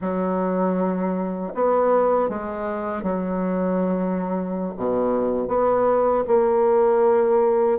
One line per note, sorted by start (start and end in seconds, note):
0.01 1.53 F#3
1.54 2.29 B3
2.29 3.02 G#3
3.02 4.73 F#3
4.76 5.48 B2
5.48 6.23 B3
6.27 7.78 A#3